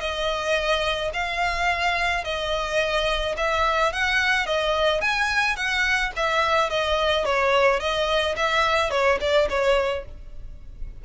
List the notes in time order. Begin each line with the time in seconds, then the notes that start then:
0.00 D#5
1.13 F5
2.24 D#5
3.37 E5
3.92 F#5
4.46 D#5
5.01 G#5
5.56 F#5
6.16 E5
6.70 D#5
7.25 C#5
7.80 D#5
8.36 E5
8.91 C#5
9.20 D5
9.49 C#5